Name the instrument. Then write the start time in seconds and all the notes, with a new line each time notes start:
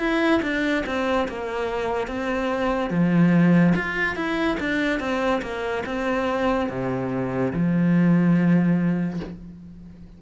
cello
0.00 E4
0.43 D4
0.87 C4
1.29 A#3
2.08 C4
2.91 F3
3.76 F4
4.16 E4
4.60 D4
5.00 C4
5.42 A#3
5.86 C4
6.70 C3
7.54 F3